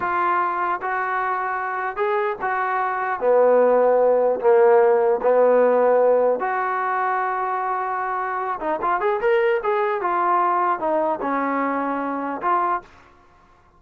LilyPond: \new Staff \with { instrumentName = "trombone" } { \time 4/4 \tempo 4 = 150 f'2 fis'2~ | fis'4 gis'4 fis'2 | b2. ais4~ | ais4 b2. |
fis'1~ | fis'4. dis'8 f'8 gis'8 ais'4 | gis'4 f'2 dis'4 | cis'2. f'4 | }